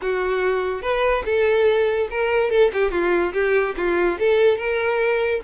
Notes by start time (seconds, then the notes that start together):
0.01 F#4
0.81 B4
1.25 A4
2.10 A#4
2.50 A4
2.73 G4
2.91 F4
3.33 G4
3.77 F4
4.19 A4
4.57 A#4